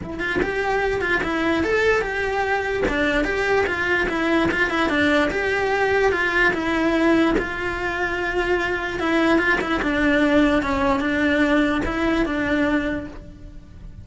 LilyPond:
\new Staff \with { instrumentName = "cello" } { \time 4/4 \tempo 4 = 147 e'8 f'8 g'4. f'8 e'4 | a'4 g'2 d'4 | g'4 f'4 e'4 f'8 e'8 | d'4 g'2 f'4 |
e'2 f'2~ | f'2 e'4 f'8 e'8 | d'2 cis'4 d'4~ | d'4 e'4 d'2 | }